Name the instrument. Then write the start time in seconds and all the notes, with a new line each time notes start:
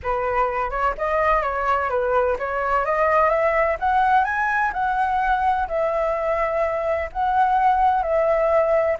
flute
0.02 B4
0.70 C#5
0.97 D#5
1.42 C#5
1.89 B4
2.38 C#5
2.85 D#5
3.29 E5
3.79 F#5
4.24 G#5
4.73 F#5
5.68 E5
7.12 F#5
8.03 E5